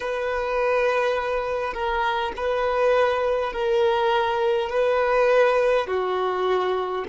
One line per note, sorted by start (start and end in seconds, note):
0.00 1.73 B4
1.73 2.32 A#4
2.36 3.52 B4
3.52 4.69 A#4
4.69 5.87 B4
5.87 7.04 F#4